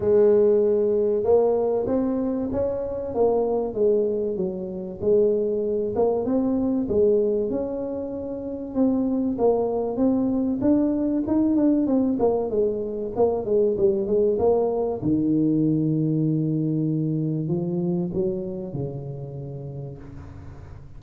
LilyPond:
\new Staff \with { instrumentName = "tuba" } { \time 4/4 \tempo 4 = 96 gis2 ais4 c'4 | cis'4 ais4 gis4 fis4 | gis4. ais8 c'4 gis4 | cis'2 c'4 ais4 |
c'4 d'4 dis'8 d'8 c'8 ais8 | gis4 ais8 gis8 g8 gis8 ais4 | dis1 | f4 fis4 cis2 | }